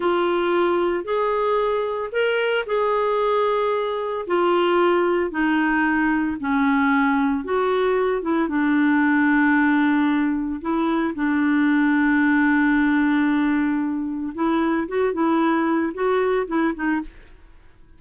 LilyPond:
\new Staff \with { instrumentName = "clarinet" } { \time 4/4 \tempo 4 = 113 f'2 gis'2 | ais'4 gis'2. | f'2 dis'2 | cis'2 fis'4. e'8 |
d'1 | e'4 d'2.~ | d'2. e'4 | fis'8 e'4. fis'4 e'8 dis'8 | }